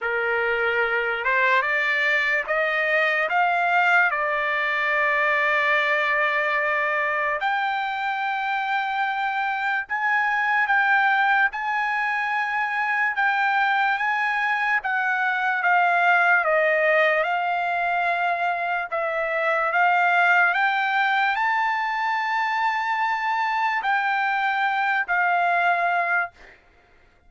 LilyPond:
\new Staff \with { instrumentName = "trumpet" } { \time 4/4 \tempo 4 = 73 ais'4. c''8 d''4 dis''4 | f''4 d''2.~ | d''4 g''2. | gis''4 g''4 gis''2 |
g''4 gis''4 fis''4 f''4 | dis''4 f''2 e''4 | f''4 g''4 a''2~ | a''4 g''4. f''4. | }